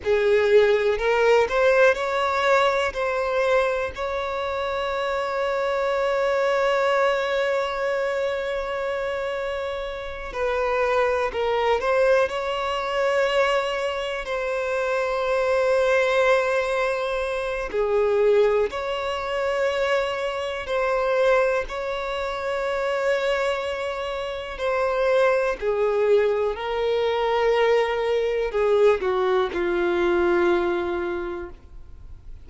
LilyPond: \new Staff \with { instrumentName = "violin" } { \time 4/4 \tempo 4 = 61 gis'4 ais'8 c''8 cis''4 c''4 | cis''1~ | cis''2~ cis''8 b'4 ais'8 | c''8 cis''2 c''4.~ |
c''2 gis'4 cis''4~ | cis''4 c''4 cis''2~ | cis''4 c''4 gis'4 ais'4~ | ais'4 gis'8 fis'8 f'2 | }